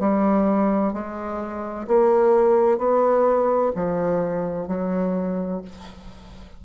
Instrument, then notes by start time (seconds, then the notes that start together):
bassoon
0.00 G3
0.94 G#3
1.87 A#3
2.79 B3
3.75 F3
4.68 F#3